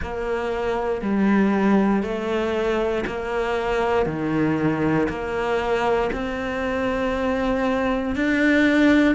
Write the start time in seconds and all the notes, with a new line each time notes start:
0.02 A#3
1.01 G3
2.02 A3
3.06 A#3
4.06 D#3
5.08 A#3
6.12 C4
8.15 D4